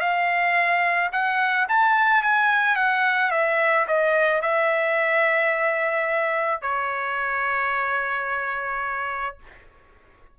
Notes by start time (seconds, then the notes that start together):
0.00 F5
1.12 F#5
1.68 A5
2.23 G#5
2.76 F#5
3.31 E5
3.87 D#5
4.42 E5
6.62 C#5